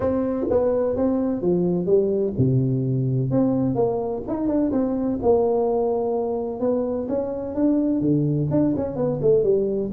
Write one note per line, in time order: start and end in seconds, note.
0.00 0.47 C4
0.50 0.96 B3
0.96 1.41 C4
1.41 1.86 F3
1.86 2.33 G3
2.38 3.30 C3
3.30 3.75 C4
3.75 4.22 A#3
4.27 4.47 D#4
4.47 4.71 D4
4.71 5.19 C4
5.22 6.59 A#3
6.59 7.07 B3
7.08 7.54 C#4
7.54 8.00 D4
8.00 8.48 D3
8.50 8.74 D4
8.76 8.95 C#4
8.95 9.19 B3
9.21 9.43 A3
9.43 9.91 G3